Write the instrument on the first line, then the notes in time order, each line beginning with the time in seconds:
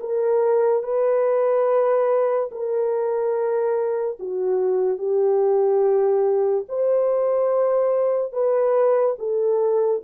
horn
0.00 A#4
0.83 B4
2.51 A#4
4.19 F#4
4.98 G4
6.68 C5
8.32 B4
9.18 A4